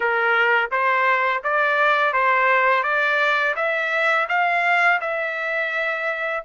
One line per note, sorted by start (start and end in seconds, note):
0.00 0.70 A#4
0.71 1.42 C5
1.43 2.13 D5
2.13 2.83 C5
2.83 3.54 D5
3.56 4.27 E5
4.28 5.00 F5
5.00 6.43 E5